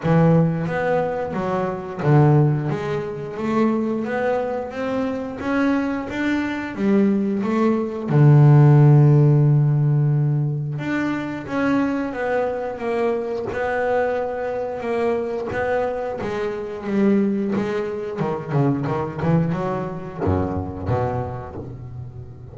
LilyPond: \new Staff \with { instrumentName = "double bass" } { \time 4/4 \tempo 4 = 89 e4 b4 fis4 d4 | gis4 a4 b4 c'4 | cis'4 d'4 g4 a4 | d1 |
d'4 cis'4 b4 ais4 | b2 ais4 b4 | gis4 g4 gis4 dis8 cis8 | dis8 e8 fis4 fis,4 b,4 | }